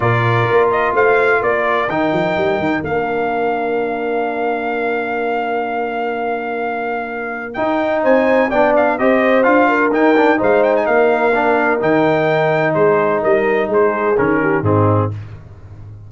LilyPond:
<<
  \new Staff \with { instrumentName = "trumpet" } { \time 4/4 \tempo 4 = 127 d''4. dis''8 f''4 d''4 | g''2 f''2~ | f''1~ | f''1 |
g''4 gis''4 g''8 f''8 dis''4 | f''4 g''4 f''8 g''16 gis''16 f''4~ | f''4 g''2 c''4 | dis''4 c''4 ais'4 gis'4 | }
  \new Staff \with { instrumentName = "horn" } { \time 4/4 ais'2 c''4 ais'4~ | ais'1~ | ais'1~ | ais'1~ |
ais'4 c''4 d''4 c''4~ | c''8 ais'4. c''4 ais'4~ | ais'2. gis'4 | ais'4 gis'4. g'8 dis'4 | }
  \new Staff \with { instrumentName = "trombone" } { \time 4/4 f'1 | dis'2 d'2~ | d'1~ | d'1 |
dis'2 d'4 g'4 | f'4 dis'8 d'8 dis'2 | d'4 dis'2.~ | dis'2 cis'4 c'4 | }
  \new Staff \with { instrumentName = "tuba" } { \time 4/4 ais,4 ais4 a4 ais4 | dis8 f8 g8 dis8 ais2~ | ais1~ | ais1 |
dis'4 c'4 b4 c'4 | d'4 dis'4 gis4 ais4~ | ais4 dis2 gis4 | g4 gis4 dis4 gis,4 | }
>>